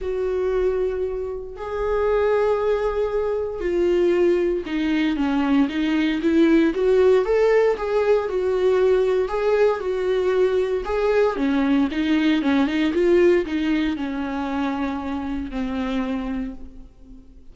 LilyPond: \new Staff \with { instrumentName = "viola" } { \time 4/4 \tempo 4 = 116 fis'2. gis'4~ | gis'2. f'4~ | f'4 dis'4 cis'4 dis'4 | e'4 fis'4 a'4 gis'4 |
fis'2 gis'4 fis'4~ | fis'4 gis'4 cis'4 dis'4 | cis'8 dis'8 f'4 dis'4 cis'4~ | cis'2 c'2 | }